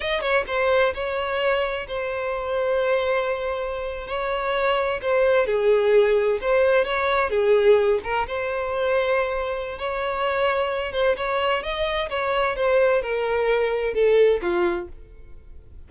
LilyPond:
\new Staff \with { instrumentName = "violin" } { \time 4/4 \tempo 4 = 129 dis''8 cis''8 c''4 cis''2 | c''1~ | c''8. cis''2 c''4 gis'16~ | gis'4.~ gis'16 c''4 cis''4 gis'16~ |
gis'4~ gis'16 ais'8 c''2~ c''16~ | c''4 cis''2~ cis''8 c''8 | cis''4 dis''4 cis''4 c''4 | ais'2 a'4 f'4 | }